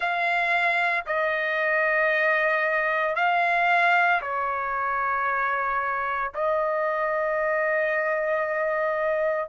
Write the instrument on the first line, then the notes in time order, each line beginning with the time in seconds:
trumpet
0.00 F5
1.06 D#5
3.15 F5
4.21 C#5
6.34 D#5